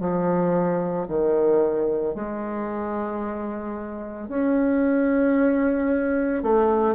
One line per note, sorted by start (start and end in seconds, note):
0.00 1.07 F3
1.08 2.15 D#3
2.15 4.29 G#3
4.29 6.43 C#4
6.43 6.94 A3